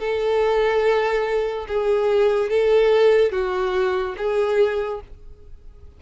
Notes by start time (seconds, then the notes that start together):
0.00 A4
1.68 G#4
2.50 A4
3.32 F#4
4.17 G#4